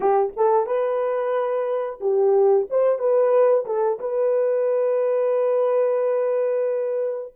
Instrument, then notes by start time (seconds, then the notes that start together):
horn
0.00 G4
0.36 A4
0.66 B4
2.00 G4
2.70 C5
2.98 B4
3.65 A4
3.99 B4